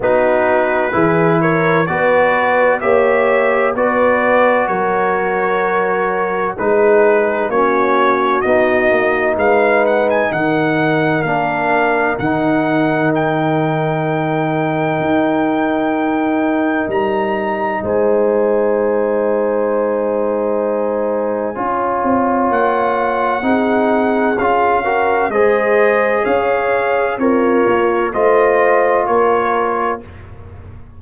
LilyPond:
<<
  \new Staff \with { instrumentName = "trumpet" } { \time 4/4 \tempo 4 = 64 b'4. cis''8 d''4 e''4 | d''4 cis''2 b'4 | cis''4 dis''4 f''8 fis''16 gis''16 fis''4 | f''4 fis''4 g''2~ |
g''2 ais''4 gis''4~ | gis''1 | fis''2 f''4 dis''4 | f''4 cis''4 dis''4 cis''4 | }
  \new Staff \with { instrumentName = "horn" } { \time 4/4 fis'4 gis'8 ais'8 b'4 cis''4 | b'4 ais'2 gis'4 | fis'2 b'4 ais'4~ | ais'1~ |
ais'2. c''4~ | c''2. cis''4~ | cis''4 gis'4. ais'8 c''4 | cis''4 f'4 c''4 ais'4 | }
  \new Staff \with { instrumentName = "trombone" } { \time 4/4 dis'4 e'4 fis'4 g'4 | fis'2. dis'4 | cis'4 dis'2. | d'4 dis'2.~ |
dis'1~ | dis'2. f'4~ | f'4 dis'4 f'8 fis'8 gis'4~ | gis'4 ais'4 f'2 | }
  \new Staff \with { instrumentName = "tuba" } { \time 4/4 b4 e4 b4 ais4 | b4 fis2 gis4 | ais4 b8 ais8 gis4 dis4 | ais4 dis2. |
dis'2 g4 gis4~ | gis2. cis'8 c'8 | ais4 c'4 cis'4 gis4 | cis'4 c'8 ais8 a4 ais4 | }
>>